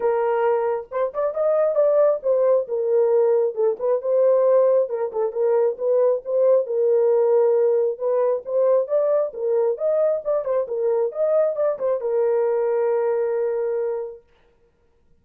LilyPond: \new Staff \with { instrumentName = "horn" } { \time 4/4 \tempo 4 = 135 ais'2 c''8 d''8 dis''4 | d''4 c''4 ais'2 | a'8 b'8 c''2 ais'8 a'8 | ais'4 b'4 c''4 ais'4~ |
ais'2 b'4 c''4 | d''4 ais'4 dis''4 d''8 c''8 | ais'4 dis''4 d''8 c''8 ais'4~ | ais'1 | }